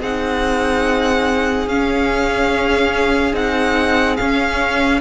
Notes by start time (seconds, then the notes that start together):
0.00 C4 D#4 G#4 F#5
1.67 C#4 F5
3.33 C4 D#4 F#5
4.16 C#4 F5